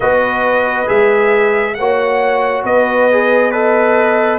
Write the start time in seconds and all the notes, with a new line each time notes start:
0.00 B3 F#4 B4 D#5
0.86 G#3 G#4 E5
1.74 A#3 F#4 C#5 F#5
2.64 B3 B4 D#5
3.11 G#4
3.51 A4 B4 D#5